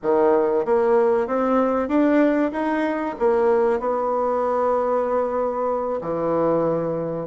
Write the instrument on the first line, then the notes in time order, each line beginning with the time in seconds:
bassoon
0.02 D#3
0.65 A#3
1.27 C4
1.88 D4
2.52 D#4
3.19 A#3
3.79 B3
6.01 E3